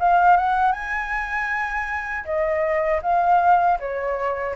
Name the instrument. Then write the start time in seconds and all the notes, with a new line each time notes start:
flute
0.00 F5
0.37 F#5
0.73 G#5
2.25 D#5
3.03 F5
3.80 C#5